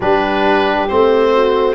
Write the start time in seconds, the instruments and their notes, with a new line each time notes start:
0.00 tuba G3, trombone D4, horn G4, oboe B4
0.87 tuba A3, trombone C4, oboe C5
1.32 horn F#4